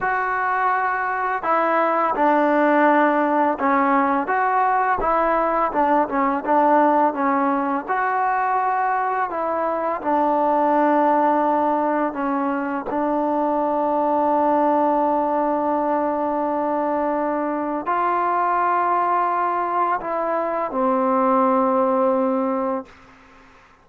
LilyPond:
\new Staff \with { instrumentName = "trombone" } { \time 4/4 \tempo 4 = 84 fis'2 e'4 d'4~ | d'4 cis'4 fis'4 e'4 | d'8 cis'8 d'4 cis'4 fis'4~ | fis'4 e'4 d'2~ |
d'4 cis'4 d'2~ | d'1~ | d'4 f'2. | e'4 c'2. | }